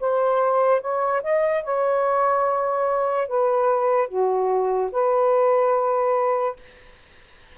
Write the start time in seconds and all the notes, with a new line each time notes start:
0.00 C5
0.81 C#5
1.23 D#5
1.64 C#5
3.27 B4
4.08 F#4
4.91 B4